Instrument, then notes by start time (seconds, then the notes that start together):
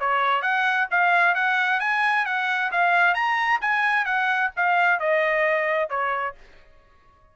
trumpet
0.00 C#5
0.42 F#5
0.91 F5
1.35 F#5
1.80 G#5
2.26 F#5
2.72 F5
3.14 A#5
3.61 G#5
4.05 F#5
4.56 F5
5.00 D#5
5.89 C#5